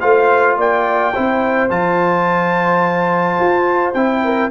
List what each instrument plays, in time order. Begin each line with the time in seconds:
0.00 tuba A3, trombone F4, horn C5, trumpet F5
0.57 tuba A#3, horn D5, trumpet G5
1.13 tuba C4, trombone E4, horn C5
1.70 tuba F3, trombone F4, trumpet A5
3.39 tuba F4
3.94 tuba C4, trombone E4, trumpet G5
4.24 horn A#4